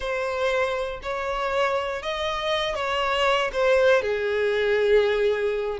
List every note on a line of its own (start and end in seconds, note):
0.00 1.00 C5
1.02 2.02 C#5
2.02 2.75 D#5
2.75 3.50 C#5
3.52 4.02 C5
4.02 5.78 G#4